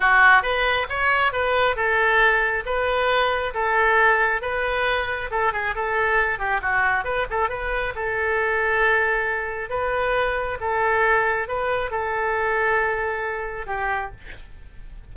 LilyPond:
\new Staff \with { instrumentName = "oboe" } { \time 4/4 \tempo 4 = 136 fis'4 b'4 cis''4 b'4 | a'2 b'2 | a'2 b'2 | a'8 gis'8 a'4. g'8 fis'4 |
b'8 a'8 b'4 a'2~ | a'2 b'2 | a'2 b'4 a'4~ | a'2. g'4 | }